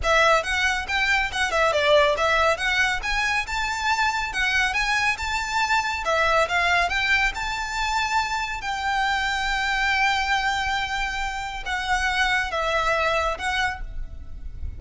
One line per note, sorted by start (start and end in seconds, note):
0.03 0.43 E5
0.43 0.86 F#5
0.88 1.31 G5
1.32 1.51 F#5
1.51 1.72 E5
1.72 2.15 D5
2.17 2.57 E5
2.57 3.00 F#5
3.02 3.46 G#5
3.46 4.33 A5
4.33 4.73 F#5
4.73 5.17 G#5
5.17 6.04 A5
6.05 6.48 E5
6.48 6.89 F5
6.89 7.32 G5
7.34 8.61 A5
8.61 11.63 G5
11.65 12.51 F#5
12.51 13.37 E5
13.37 13.81 F#5